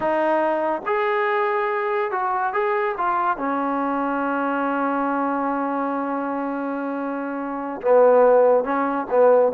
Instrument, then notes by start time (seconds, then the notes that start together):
trombone
0.00 D#4
0.86 G#4
2.11 F#4
2.53 G#4
2.97 F4
3.37 C#4
7.81 B3
8.64 C#4
9.10 B3